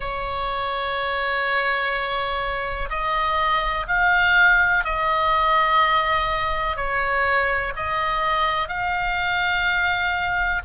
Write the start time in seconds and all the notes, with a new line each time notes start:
0.00 C#5
2.89 D#5
3.87 F5
4.84 D#5
6.76 C#5
7.76 D#5
8.68 F5